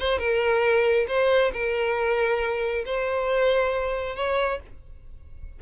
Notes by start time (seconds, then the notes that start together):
0.00 C5
0.19 A#4
1.08 C5
1.53 A#4
2.86 C5
4.16 C#5